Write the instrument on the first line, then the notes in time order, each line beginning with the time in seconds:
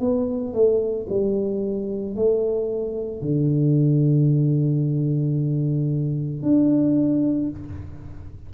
tuba
0.00 B3
0.54 A3
1.10 G3
2.16 A3
3.22 D3
6.43 D4